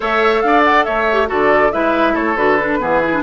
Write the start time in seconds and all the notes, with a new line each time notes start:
0.00 A3 A4 C#5 E5
0.41 D4 D5 F5
0.64 F#5
0.84 A3 C#5 E5
1.12 G4
1.27 D3 F#4 A4 D5
1.72 G#3 E4 B4 E5
2.13 A3 A4 C#5
2.35 D3 F#4 B4
2.59 D4
2.79 E3 B3 G#4
3.03 E4
3.13 D4